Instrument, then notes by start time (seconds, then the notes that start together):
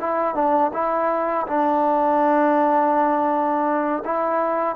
trombone
0.00 E4
0.35 D4
0.73 E4
1.47 D4
4.05 E4